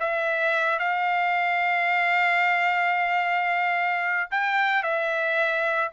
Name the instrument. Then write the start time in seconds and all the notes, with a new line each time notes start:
trumpet
0.00 E5
0.79 F5
4.31 G5
4.83 E5